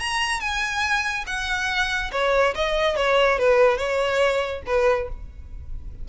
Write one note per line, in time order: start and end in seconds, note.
0.00 0.40 A#5
0.40 1.25 G#5
1.27 2.11 F#5
2.12 2.54 C#5
2.55 2.96 D#5
2.96 3.39 C#5
3.39 3.78 B4
3.78 4.62 C#5
4.66 5.09 B4